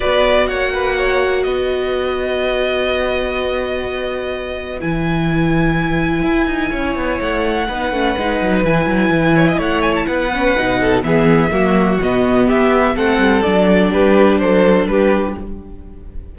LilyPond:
<<
  \new Staff \with { instrumentName = "violin" } { \time 4/4 \tempo 4 = 125 d''4 fis''2 dis''4~ | dis''1~ | dis''2 gis''2~ | gis''2. fis''4~ |
fis''2 gis''2 | fis''8 gis''16 a''16 fis''2 e''4~ | e''4 dis''4 e''4 fis''4 | d''4 b'4 c''4 b'4 | }
  \new Staff \with { instrumentName = "violin" } { \time 4/4 b'4 cis''8 b'8 cis''4 b'4~ | b'1~ | b'1~ | b'2 cis''2 |
b'2.~ b'8 cis''16 dis''16 | cis''4 b'4. a'8 gis'4 | fis'2 g'4 a'4~ | a'4 g'4 a'4 g'4 | }
  \new Staff \with { instrumentName = "viola" } { \time 4/4 fis'1~ | fis'1~ | fis'2 e'2~ | e'1 |
dis'8 cis'8 dis'4 e'2~ | e'4. cis'8 dis'4 b4 | ais4 b2 c'4 | d'1 | }
  \new Staff \with { instrumentName = "cello" } { \time 4/4 b4 ais2 b4~ | b1~ | b2 e2~ | e4 e'8 dis'8 cis'8 b8 a4 |
b8 a8 gis8 fis8 e8 fis8 e4 | a4 b4 b,4 e4 | fis4 b,4 b4 a8 g8 | fis4 g4 fis4 g4 | }
>>